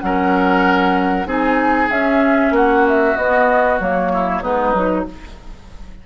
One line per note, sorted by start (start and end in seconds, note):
0.00 1.25 F#3
0.00 1.26 C#4
0.00 1.27 A#4
0.00 1.26 F#5
1.25 1.89 C4
1.25 1.89 D#4
1.25 2.54 G#4
1.25 1.91 G#5
1.91 2.51 C#4
1.91 3.17 C#4
1.91 2.54 E5
2.51 3.14 A#3
2.51 4.12 F#4
2.51 2.87 F#5
2.88 3.16 E5
3.16 3.80 B3
3.16 3.79 D#5
3.80 4.43 F#3
3.80 4.42 A#3
3.80 4.43 C#5
4.13 4.42 E4
4.42 4.73 G#3
4.42 4.74 B3
4.42 5.05 D#4
4.42 5.06 B4
4.73 5.05 F#3
4.73 5.05 D#4